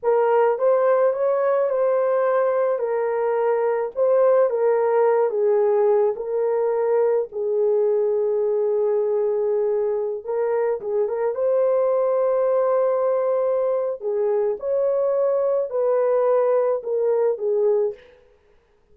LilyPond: \new Staff \with { instrumentName = "horn" } { \time 4/4 \tempo 4 = 107 ais'4 c''4 cis''4 c''4~ | c''4 ais'2 c''4 | ais'4. gis'4. ais'4~ | ais'4 gis'2.~ |
gis'2~ gis'16 ais'4 gis'8 ais'16~ | ais'16 c''2.~ c''8.~ | c''4 gis'4 cis''2 | b'2 ais'4 gis'4 | }